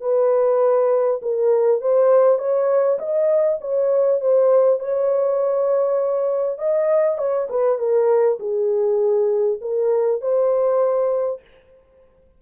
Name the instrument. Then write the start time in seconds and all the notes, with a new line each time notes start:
horn
0.00 B4
1.22 A#4
1.81 C5
2.38 C#5
2.98 D#5
3.60 C#5
4.20 C5
4.79 C#5
6.58 D#5
7.18 C#5
7.49 B4
7.78 A#4
8.39 G#4
9.61 A#4
10.21 C5